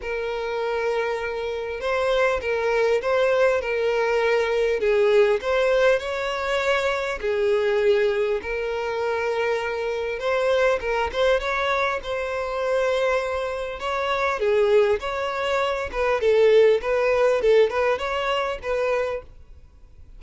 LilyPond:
\new Staff \with { instrumentName = "violin" } { \time 4/4 \tempo 4 = 100 ais'2. c''4 | ais'4 c''4 ais'2 | gis'4 c''4 cis''2 | gis'2 ais'2~ |
ais'4 c''4 ais'8 c''8 cis''4 | c''2. cis''4 | gis'4 cis''4. b'8 a'4 | b'4 a'8 b'8 cis''4 b'4 | }